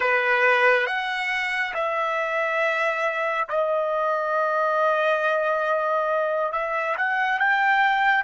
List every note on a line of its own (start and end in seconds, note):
0.00 0.86 B4
0.86 1.73 F#5
1.74 3.48 E5
3.49 6.52 D#5
6.52 6.95 E5
6.97 7.39 F#5
7.39 8.24 G5